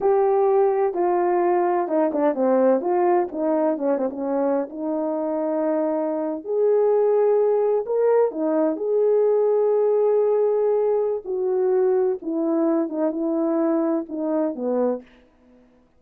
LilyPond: \new Staff \with { instrumentName = "horn" } { \time 4/4 \tempo 4 = 128 g'2 f'2 | dis'8 d'8 c'4 f'4 dis'4 | cis'8 c'16 cis'4~ cis'16 dis'2~ | dis'4.~ dis'16 gis'2~ gis'16~ |
gis'8. ais'4 dis'4 gis'4~ gis'16~ | gis'1 | fis'2 e'4. dis'8 | e'2 dis'4 b4 | }